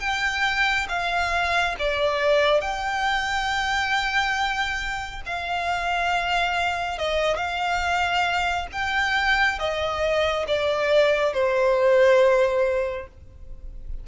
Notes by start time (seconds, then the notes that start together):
0.00 G5
0.89 F5
1.79 D5
2.61 G5
5.26 F5
6.98 D#5
7.37 F5
8.72 G5
9.59 D#5
10.48 D5
11.34 C5